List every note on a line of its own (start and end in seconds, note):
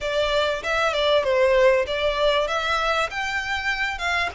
0.00 0.62 D5
0.63 0.93 E5
0.93 1.23 D5
1.23 1.85 C5
1.86 2.47 D5
2.47 3.09 E5
3.10 3.98 G5
3.98 4.29 F5